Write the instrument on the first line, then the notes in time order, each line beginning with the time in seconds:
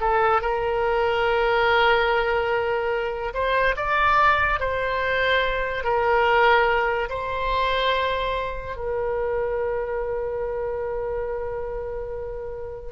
oboe
0.00 A4
0.41 A#4
3.33 C5
3.76 D5
4.59 C5
5.83 A#4
7.09 C5
8.76 A#4